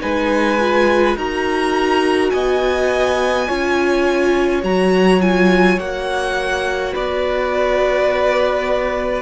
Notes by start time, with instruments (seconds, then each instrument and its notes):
0.00 cello G#3, viola D#4, violin B4 G#5
0.59 viola F4
1.16 cello D#4, viola F#4, violin A#4 A#5
2.30 cello B3, violin D#5 G#5
3.47 cello C#4, viola F4, violin C#5
4.62 cello F#3, viola F#4, violin A#5
5.21 viola F4, violin G#5
5.78 cello A#3, viola F#4, violin F#5
6.93 cello B3, violin B4 D5